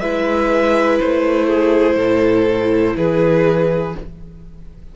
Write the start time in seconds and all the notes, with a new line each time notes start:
0.00 G#3 E4 B4 E5
1.00 A3 C5
1.47 G#4
1.96 A2 A4
2.96 E3 G#4 B4